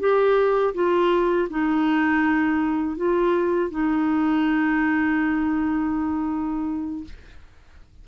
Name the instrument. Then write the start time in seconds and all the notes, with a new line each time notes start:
clarinet
0.00 G4
0.74 F4
1.50 D#4
2.97 F4
3.71 D#4